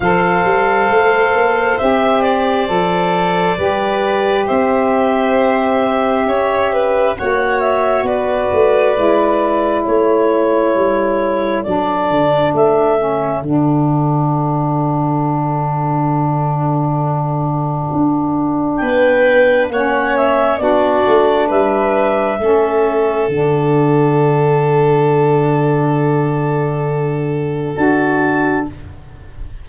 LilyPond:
<<
  \new Staff \with { instrumentName = "clarinet" } { \time 4/4 \tempo 4 = 67 f''2 e''8 d''4.~ | d''4 e''2. | fis''8 e''8 d''2 cis''4~ | cis''4 d''4 e''4 fis''4~ |
fis''1~ | fis''4 g''4 fis''8 e''8 d''4 | e''2 fis''2~ | fis''2. a''4 | }
  \new Staff \with { instrumentName = "violin" } { \time 4/4 c''1 | b'4 c''2 cis''8 b'8 | cis''4 b'2 a'4~ | a'1~ |
a'1~ | a'4 b'4 cis''4 fis'4 | b'4 a'2.~ | a'1 | }
  \new Staff \with { instrumentName = "saxophone" } { \time 4/4 a'2 g'4 a'4 | g'1 | fis'2 e'2~ | e'4 d'4. cis'8 d'4~ |
d'1~ | d'2 cis'4 d'4~ | d'4 cis'4 d'2~ | d'2. fis'4 | }
  \new Staff \with { instrumentName = "tuba" } { \time 4/4 f8 g8 a8 ais8 c'4 f4 | g4 c'2 cis'4 | ais4 b8 a8 gis4 a4 | g4 fis8 d8 a4 d4~ |
d1 | d'4 b4 ais4 b8 a8 | g4 a4 d2~ | d2. d'4 | }
>>